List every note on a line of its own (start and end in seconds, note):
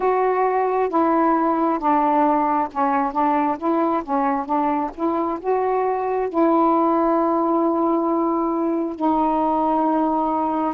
0.00 0.89 F#4
0.89 1.78 E4
1.78 2.68 D4
2.72 3.12 C#4
3.12 3.57 D4
3.58 4.03 E4
4.03 4.45 C#4
4.45 4.90 D4
4.94 5.39 E4
5.40 6.29 F#4
6.29 8.96 E4
8.96 10.74 D#4